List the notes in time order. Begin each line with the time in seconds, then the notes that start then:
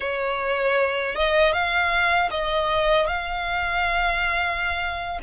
0.00 C#5
1.15 D#5
1.52 F5
2.30 D#5
3.07 F5